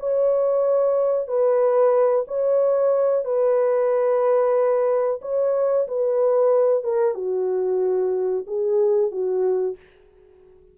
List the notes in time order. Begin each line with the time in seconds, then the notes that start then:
0.00 C#5
1.28 B4
2.28 C#5
3.25 B4
5.22 C#5
5.88 B4
6.84 A#4
7.15 F#4
8.47 G#4
9.12 F#4